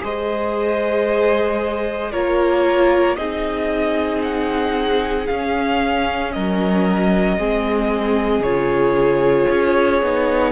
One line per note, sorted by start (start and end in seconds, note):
0.00 2.13 G#3
0.00 2.11 G#4
0.00 2.11 C5
0.00 2.12 D#5
2.11 3.16 A#3
2.11 3.17 F4
2.11 3.16 A#4
2.11 3.16 C#5
3.16 5.27 C4
3.16 5.27 D#4
3.16 6.33 G#4
3.16 4.21 D#5
4.22 5.27 F#5
5.27 6.35 C#4
5.27 7.38 C#4
5.27 6.32 F5
6.32 7.37 F#3
6.32 7.38 A#4
6.32 8.42 D#5
7.37 8.39 G#3
7.37 8.43 C4
7.37 10.52 G#4
8.39 9.45 C#3
8.39 10.02 F4
8.39 10.52 C#5
9.49 10.02 C#4
10.02 10.52 B3
10.02 10.52 D#4